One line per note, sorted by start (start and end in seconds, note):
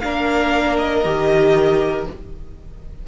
0.00 1.05 A#3
0.00 1.05 D4
0.00 2.08 A#4
0.00 0.76 F5
0.79 2.06 D#5
1.05 2.07 D#3
1.05 2.07 G4